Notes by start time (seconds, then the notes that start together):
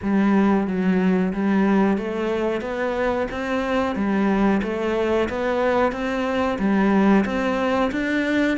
0.02 G3
0.67 F#3
1.33 G3
1.97 A3
2.61 B3
3.31 C4
3.95 G3
4.62 A3
5.29 B3
5.92 C4
6.58 G3
7.25 C4
7.91 D4